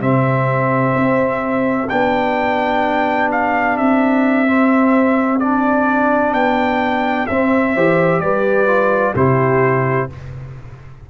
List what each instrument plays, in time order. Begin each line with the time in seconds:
0.00 tuba C3, trombone C4, horn G4, trumpet E5
0.95 tuba C4
1.89 tuba B3, trombone D4, trumpet G5
3.31 trumpet F5
3.77 tuba C4, trumpet E5
4.46 trombone C4
5.39 trombone D4, trumpet D5
6.33 tuba B3, trumpet G5
7.26 tuba C4, trombone C4, trumpet E5
7.74 tuba E3, trombone G4, horn C5
8.19 tuba G3, horn B4, trumpet D5
8.67 trombone F4
9.15 tuba C3, trombone E4, horn G4, trumpet C5